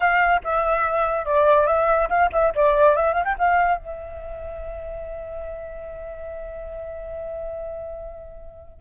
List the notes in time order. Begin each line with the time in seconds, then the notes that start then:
0.00 F5
0.44 E5
1.25 D5
1.66 E5
2.09 F5
2.32 E5
2.55 D5
2.96 E5
3.13 F5
3.24 G5
3.38 F5
3.77 E5